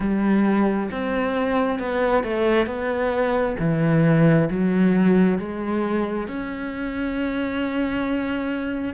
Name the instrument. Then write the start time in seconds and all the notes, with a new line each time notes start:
cello
0.00 G3
0.91 C4
1.79 B3
2.23 A3
2.66 B3
3.59 E3
4.49 F#3
5.38 G#3
6.27 C#4